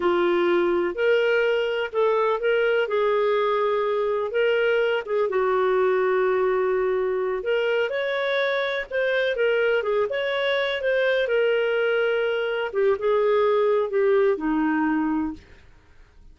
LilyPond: \new Staff \with { instrumentName = "clarinet" } { \time 4/4 \tempo 4 = 125 f'2 ais'2 | a'4 ais'4 gis'2~ | gis'4 ais'4. gis'8 fis'4~ | fis'2.~ fis'8 ais'8~ |
ais'8 cis''2 c''4 ais'8~ | ais'8 gis'8 cis''4. c''4 ais'8~ | ais'2~ ais'8 g'8 gis'4~ | gis'4 g'4 dis'2 | }